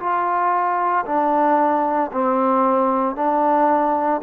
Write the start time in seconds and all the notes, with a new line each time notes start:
0.00 F4
1.06 D4
2.12 C4
3.16 D4